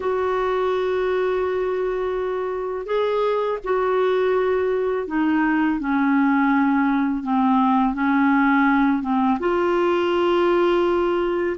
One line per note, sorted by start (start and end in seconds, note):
0.00 2.86 F#4
2.86 3.58 G#4
3.64 5.07 F#4
5.07 5.79 D#4
5.79 7.23 C#4
7.23 7.94 C4
7.94 9.02 C#4
9.02 9.38 C4
9.39 11.56 F4